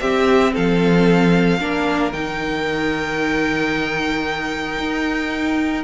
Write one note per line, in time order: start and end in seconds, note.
0.00 1.59 C4
0.00 0.54 C4
0.00 0.54 G4
0.00 0.53 E5
0.54 1.60 F3
0.54 1.60 A4
0.54 2.12 F5
1.59 2.13 A#3
1.59 2.12 D4
1.59 5.84 A#4
2.12 4.78 D#3
2.12 5.84 D#4
2.12 5.84 G5
4.78 5.84 D#4